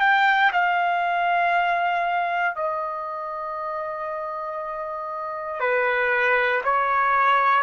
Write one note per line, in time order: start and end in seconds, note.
0.00 0.51 G5
0.52 2.55 F5
2.55 5.60 D#5
5.60 6.61 B4
6.64 7.63 C#5